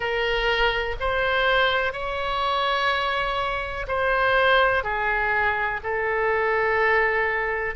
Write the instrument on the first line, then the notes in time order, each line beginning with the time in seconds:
oboe
0.00 A#4
1.00 C5
1.93 C#5
3.87 C5
4.83 G#4
5.83 A4